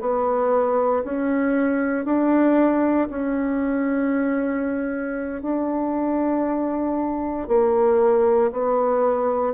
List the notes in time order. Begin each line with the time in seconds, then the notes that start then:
0.00 B3
1.04 C#4
2.05 D4
3.10 C#4
5.42 D4
7.48 A#3
8.52 B3